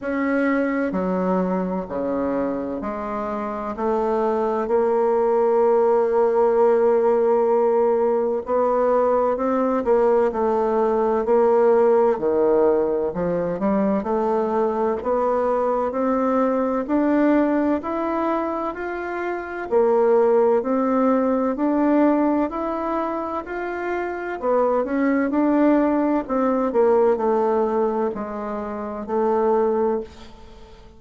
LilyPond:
\new Staff \with { instrumentName = "bassoon" } { \time 4/4 \tempo 4 = 64 cis'4 fis4 cis4 gis4 | a4 ais2.~ | ais4 b4 c'8 ais8 a4 | ais4 dis4 f8 g8 a4 |
b4 c'4 d'4 e'4 | f'4 ais4 c'4 d'4 | e'4 f'4 b8 cis'8 d'4 | c'8 ais8 a4 gis4 a4 | }